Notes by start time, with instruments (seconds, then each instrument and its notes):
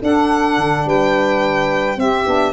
0.00 saxophone D4 A4, tuba D4, violin F#5
0.57 tuba D3
0.85 tuba G3, saxophone B4, violin G5
1.96 saxophone C4 G4, tuba C4, violin E5
2.25 tuba B3, saxophone D4